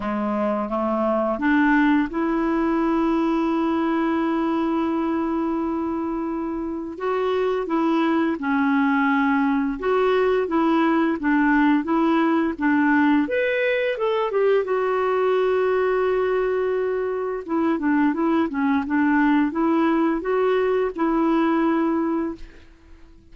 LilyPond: \new Staff \with { instrumentName = "clarinet" } { \time 4/4 \tempo 4 = 86 gis4 a4 d'4 e'4~ | e'1~ | e'2 fis'4 e'4 | cis'2 fis'4 e'4 |
d'4 e'4 d'4 b'4 | a'8 g'8 fis'2.~ | fis'4 e'8 d'8 e'8 cis'8 d'4 | e'4 fis'4 e'2 | }